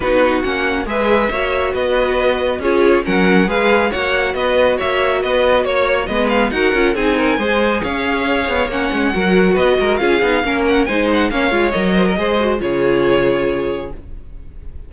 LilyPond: <<
  \new Staff \with { instrumentName = "violin" } { \time 4/4 \tempo 4 = 138 b'4 fis''4 e''2 | dis''2 cis''4 fis''4 | f''4 fis''4 dis''4 e''4 | dis''4 cis''4 dis''8 f''8 fis''4 |
gis''2 f''2 | fis''2 dis''4 f''4~ | f''8 fis''8 gis''8 fis''8 f''4 dis''4~ | dis''4 cis''2. | }
  \new Staff \with { instrumentName = "violin" } { \time 4/4 fis'2 b'4 cis''4 | b'2 gis'4 ais'4 | b'4 cis''4 b'4 cis''4 | b'4 cis''4 b'4 ais'4 |
gis'8 ais'8 c''4 cis''2~ | cis''4 ais'4 b'8 ais'8 gis'4 | ais'4 c''4 cis''4. c''16 ais'16 | c''4 gis'2. | }
  \new Staff \with { instrumentName = "viola" } { \time 4/4 dis'4 cis'4 gis'4 fis'4~ | fis'2 f'4 cis'4 | gis'4 fis'2.~ | fis'2 b4 fis'8 f'8 |
dis'4 gis'2. | cis'4 fis'2 f'8 dis'8 | cis'4 dis'4 cis'8 f'8 ais'4 | gis'8 fis'8 f'2. | }
  \new Staff \with { instrumentName = "cello" } { \time 4/4 b4 ais4 gis4 ais4 | b2 cis'4 fis4 | gis4 ais4 b4 ais4 | b4 ais4 gis4 dis'8 cis'8 |
c'4 gis4 cis'4. b8 | ais8 gis8 fis4 b8 gis8 cis'8 b8 | ais4 gis4 ais8 gis8 fis4 | gis4 cis2. | }
>>